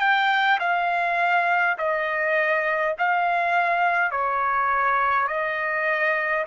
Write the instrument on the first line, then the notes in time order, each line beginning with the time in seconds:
trumpet
0.00 G5
0.59 F5
1.78 D#5
2.98 F5
4.11 C#5
5.28 D#5